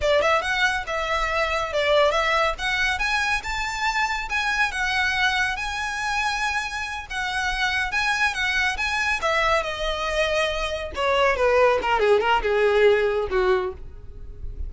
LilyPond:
\new Staff \with { instrumentName = "violin" } { \time 4/4 \tempo 4 = 140 d''8 e''8 fis''4 e''2 | d''4 e''4 fis''4 gis''4 | a''2 gis''4 fis''4~ | fis''4 gis''2.~ |
gis''8 fis''2 gis''4 fis''8~ | fis''8 gis''4 e''4 dis''4.~ | dis''4. cis''4 b'4 ais'8 | gis'8 ais'8 gis'2 fis'4 | }